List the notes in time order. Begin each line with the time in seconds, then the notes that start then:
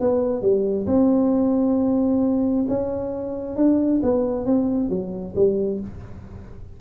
0.00 B3
0.41 G3
0.86 C4
2.68 C#4
3.56 D4
4.02 B3
4.46 C4
4.89 F#3
5.35 G3